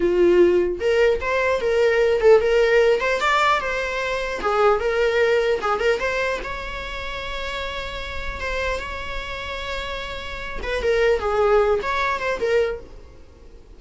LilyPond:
\new Staff \with { instrumentName = "viola" } { \time 4/4 \tempo 4 = 150 f'2 ais'4 c''4 | ais'4. a'8 ais'4. c''8 | d''4 c''2 gis'4 | ais'2 gis'8 ais'8 c''4 |
cis''1~ | cis''4 c''4 cis''2~ | cis''2~ cis''8 b'8 ais'4 | gis'4. cis''4 c''8 ais'4 | }